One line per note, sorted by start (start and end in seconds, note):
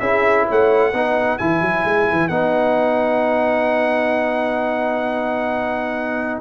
0.00 0.46 C#4
0.00 0.92 E4
0.00 0.47 G#4
0.00 0.46 E5
0.48 0.93 A3
0.48 0.92 C#5
0.48 1.38 F#5
0.92 1.39 B3
0.92 1.39 D#4
0.92 6.41 B4
1.38 1.61 E3
1.38 2.30 E4
1.38 2.28 G#5
1.61 1.84 F#3
1.85 2.07 G#3
2.12 2.29 E3
2.28 6.41 B3
2.28 6.41 D#4
2.28 6.40 F#5